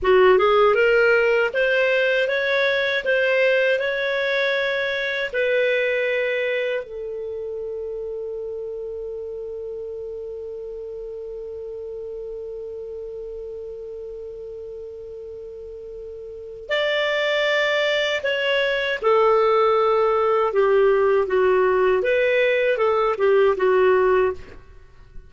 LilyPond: \new Staff \with { instrumentName = "clarinet" } { \time 4/4 \tempo 4 = 79 fis'8 gis'8 ais'4 c''4 cis''4 | c''4 cis''2 b'4~ | b'4 a'2.~ | a'1~ |
a'1~ | a'2 d''2 | cis''4 a'2 g'4 | fis'4 b'4 a'8 g'8 fis'4 | }